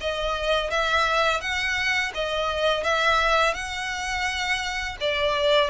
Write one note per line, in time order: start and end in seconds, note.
0.00 0.70 D#5
0.70 1.40 E5
1.40 2.12 F#5
2.14 2.83 D#5
2.83 3.54 E5
3.54 4.96 F#5
5.00 5.69 D5